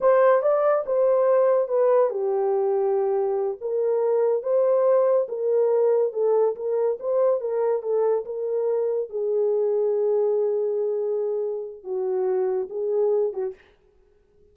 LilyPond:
\new Staff \with { instrumentName = "horn" } { \time 4/4 \tempo 4 = 142 c''4 d''4 c''2 | b'4 g'2.~ | g'8 ais'2 c''4.~ | c''8 ais'2 a'4 ais'8~ |
ais'8 c''4 ais'4 a'4 ais'8~ | ais'4. gis'2~ gis'8~ | gis'1 | fis'2 gis'4. fis'8 | }